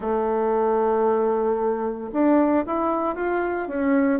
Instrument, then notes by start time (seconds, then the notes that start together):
bassoon
0.00 A3
2.12 D4
2.66 E4
3.15 F4
3.67 C#4